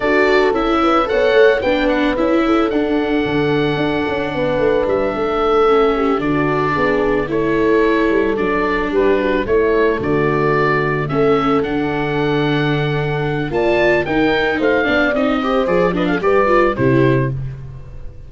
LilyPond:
<<
  \new Staff \with { instrumentName = "oboe" } { \time 4/4 \tempo 4 = 111 d''4 e''4 fis''4 g''8 fis''8 | e''4 fis''2.~ | fis''4 e''2~ e''8 d''8~ | d''4. cis''2 d''8~ |
d''8 b'4 cis''4 d''4.~ | d''8 e''4 fis''2~ fis''8~ | fis''4 a''4 g''4 f''4 | dis''4 d''8 dis''16 f''16 d''4 c''4 | }
  \new Staff \with { instrumentName = "horn" } { \time 4/4 a'4. b'8 cis''4 b'4~ | b'8 a'2.~ a'8 | b'4. a'4. g'8 fis'8~ | fis'8 gis'4 a'2~ a'8~ |
a'8 g'8 fis'8 e'4 fis'4.~ | fis'8 a'2.~ a'8~ | a'4 d''4 ais'4 c''8 d''8~ | d''8 c''4 b'16 a'16 b'4 g'4 | }
  \new Staff \with { instrumentName = "viola" } { \time 4/4 fis'4 e'4 a'4 d'4 | e'4 d'2.~ | d'2~ d'8 cis'4 d'8~ | d'4. e'2 d'8~ |
d'4. a2~ a8~ | a8 cis'4 d'2~ d'8~ | d'4 f'4 dis'4. d'8 | dis'8 g'8 gis'8 d'8 g'8 f'8 e'4 | }
  \new Staff \with { instrumentName = "tuba" } { \time 4/4 d'4 cis'4 b8 a8 b4 | cis'4 d'4 d4 d'8 cis'8 | b8 a8 g8 a2 d8~ | d8 b4 a4. g8 fis8~ |
fis8 g4 a4 d4.~ | d8 a4 d2~ d8~ | d4 ais4 dis'4 a8 b8 | c'4 f4 g4 c4 | }
>>